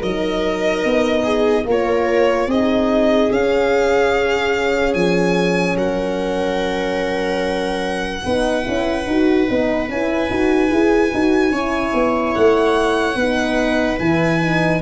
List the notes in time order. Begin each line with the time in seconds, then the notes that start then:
0.00 F#3 D#4 A#4 D#5
0.85 B3
1.24 G#4
1.65 A#3 F4 A#4
1.71 C#5
2.47 C4 D#4 G#4 D#5
3.31 C#4 F5
4.94 F3 G#5
5.76 F#3 A#4 F#5
8.25 B3 D#4 B4
8.64 C#4 E4
9.07 D#4 F#4
9.48 B3 D#4
9.89 C#4 E4 G#5
10.30 D#4 F#4
10.70 E4 G#4
11.12 D#4 F#4
11.52 C#4 E4 C#5
11.94 B3
12.34 A3 F#5
13.16 B3 D#4 B4
13.99 E3 E4 G#5
14.41 D#4